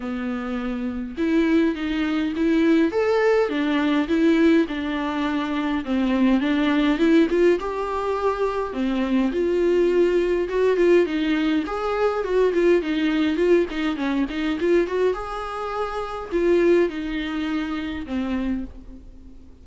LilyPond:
\new Staff \with { instrumentName = "viola" } { \time 4/4 \tempo 4 = 103 b2 e'4 dis'4 | e'4 a'4 d'4 e'4 | d'2 c'4 d'4 | e'8 f'8 g'2 c'4 |
f'2 fis'8 f'8 dis'4 | gis'4 fis'8 f'8 dis'4 f'8 dis'8 | cis'8 dis'8 f'8 fis'8 gis'2 | f'4 dis'2 c'4 | }